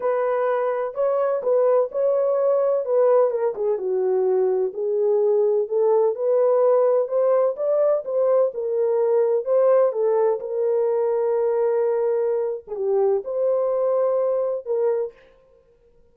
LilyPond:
\new Staff \with { instrumentName = "horn" } { \time 4/4 \tempo 4 = 127 b'2 cis''4 b'4 | cis''2 b'4 ais'8 gis'8 | fis'2 gis'2 | a'4 b'2 c''4 |
d''4 c''4 ais'2 | c''4 a'4 ais'2~ | ais'2~ ais'8. gis'16 g'4 | c''2. ais'4 | }